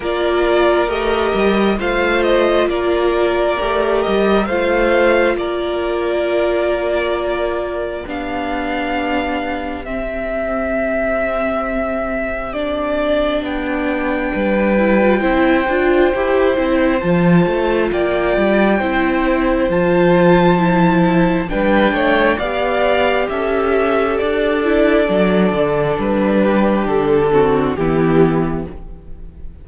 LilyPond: <<
  \new Staff \with { instrumentName = "violin" } { \time 4/4 \tempo 4 = 67 d''4 dis''4 f''8 dis''8 d''4~ | d''8 dis''8 f''4 d''2~ | d''4 f''2 e''4~ | e''2 d''4 g''4~ |
g''2. a''4 | g''2 a''2 | g''4 f''4 e''4 d''4~ | d''4 b'4 a'4 g'4 | }
  \new Staff \with { instrumentName = "violin" } { \time 4/4 ais'2 c''4 ais'4~ | ais'4 c''4 ais'2~ | ais'4 g'2.~ | g'1 |
b'4 c''2. | d''4 c''2. | b'8 cis''8 d''4 a'2~ | a'4. g'4 fis'8 e'4 | }
  \new Staff \with { instrumentName = "viola" } { \time 4/4 f'4 g'4 f'2 | g'4 f'2.~ | f'4 d'2 c'4~ | c'2 d'2~ |
d'8 e'16 f'16 e'8 f'8 g'8 e'8 f'4~ | f'4 e'4 f'4 e'4 | d'4 g'2~ g'8 e'8 | d'2~ d'8 c'8 b4 | }
  \new Staff \with { instrumentName = "cello" } { \time 4/4 ais4 a8 g8 a4 ais4 | a8 g8 a4 ais2~ | ais4 b2 c'4~ | c'2. b4 |
g4 c'8 d'8 e'8 c'8 f8 a8 | ais8 g8 c'4 f2 | g8 a8 b4 cis'4 d'4 | fis8 d8 g4 d4 e4 | }
>>